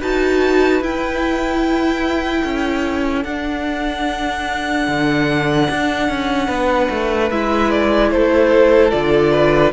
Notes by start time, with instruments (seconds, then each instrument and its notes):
0.00 cello D#4, viola F#4, violin B4 A5
0.81 cello E4, viola E4, violin G5
2.42 cello C#4, violin A4
3.24 cello D4, viola D4, violin F#5
4.87 cello D3
5.71 cello D4
6.09 cello C#4
6.47 cello B3, violin B4
6.91 cello A3
7.31 cello G#3, viola E4, violin E5
7.71 violin D5
8.11 cello A3, violin A4 C5
8.91 cello D3, viola F4, violin D5
9.32 violin B4